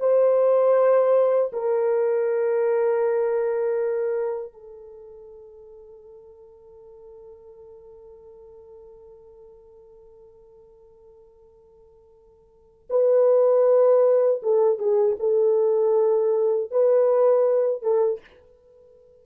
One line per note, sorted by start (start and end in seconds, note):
0.00 1.52 C5
1.53 4.53 A#4
4.53 12.88 A4
12.90 14.42 B4
14.43 14.79 A4
14.79 15.17 G#4
15.20 16.71 A4
16.71 17.82 B4
17.82 18.20 A4